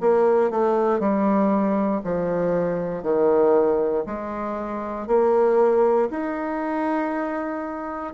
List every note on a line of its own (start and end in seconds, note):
0.00 0.50 A#3
0.50 0.99 A3
0.99 2.01 G3
2.04 3.02 F3
3.02 4.04 D#3
4.06 5.07 G#3
5.07 6.09 A#3
6.10 8.14 D#4